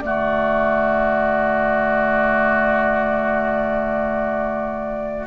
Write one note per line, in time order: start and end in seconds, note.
0.00 5.27 D3
0.00 5.27 A3
0.00 5.27 F#4
0.00 5.26 D5